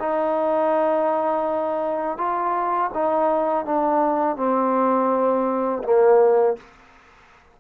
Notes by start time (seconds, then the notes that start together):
0.00 D#4
2.18 F4
2.94 D#4
3.66 D4
4.37 C4
5.84 A#3